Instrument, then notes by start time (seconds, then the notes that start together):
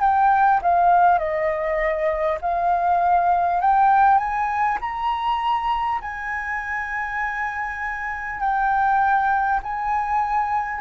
flute
0.00 G5
0.62 F5
1.18 D#5
2.41 F5
3.60 G5
4.18 G#5
4.80 A#5
6.01 G#5
8.40 G5
9.63 G#5